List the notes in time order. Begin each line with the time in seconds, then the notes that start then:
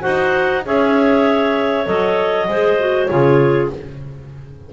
0.00 D#4 F#4 C5 F#5
0.65 C#4 G#4 C#5 E5
1.85 F#3 A4 D#5
2.48 G#3 G#4 C5
2.80 F#4
3.05 C#3 F4 C#5
3.12 G#4